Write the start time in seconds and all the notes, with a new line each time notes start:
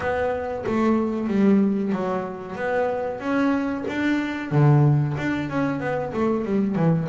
0.00 B3
0.66 A3
1.27 G3
1.92 F#3
2.55 B3
3.19 C#4
3.87 D4
4.51 D3
5.17 D4
5.49 C#4
5.80 B3
6.13 A3
6.45 G3
6.75 E3